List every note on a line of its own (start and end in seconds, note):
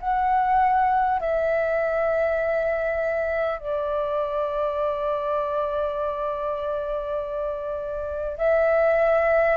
0.00 1.20 F#5
1.20 3.59 E5
3.59 8.38 D5
8.38 9.57 E5